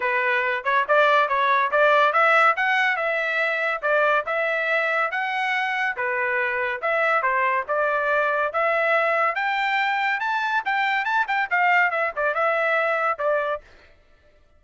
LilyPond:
\new Staff \with { instrumentName = "trumpet" } { \time 4/4 \tempo 4 = 141 b'4. cis''8 d''4 cis''4 | d''4 e''4 fis''4 e''4~ | e''4 d''4 e''2 | fis''2 b'2 |
e''4 c''4 d''2 | e''2 g''2 | a''4 g''4 a''8 g''8 f''4 | e''8 d''8 e''2 d''4 | }